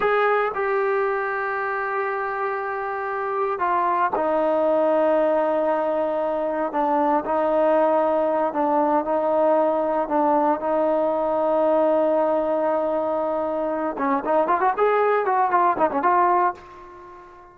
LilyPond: \new Staff \with { instrumentName = "trombone" } { \time 4/4 \tempo 4 = 116 gis'4 g'2.~ | g'2. f'4 | dis'1~ | dis'4 d'4 dis'2~ |
dis'8 d'4 dis'2 d'8~ | d'8 dis'2.~ dis'8~ | dis'2. cis'8 dis'8 | f'16 fis'16 gis'4 fis'8 f'8 dis'16 cis'16 f'4 | }